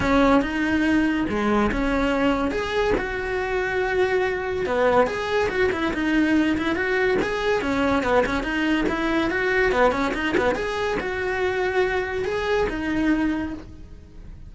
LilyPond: \new Staff \with { instrumentName = "cello" } { \time 4/4 \tempo 4 = 142 cis'4 dis'2 gis4 | cis'2 gis'4 fis'4~ | fis'2. b4 | gis'4 fis'8 e'8 dis'4. e'8 |
fis'4 gis'4 cis'4 b8 cis'8 | dis'4 e'4 fis'4 b8 cis'8 | dis'8 b8 gis'4 fis'2~ | fis'4 gis'4 dis'2 | }